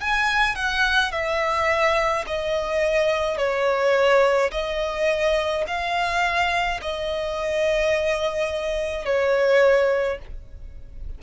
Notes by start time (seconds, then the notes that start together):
0.00 G#5
0.55 F#5
1.12 E5
2.26 D#5
3.38 C#5
4.51 D#5
5.67 F5
6.82 D#5
9.05 C#5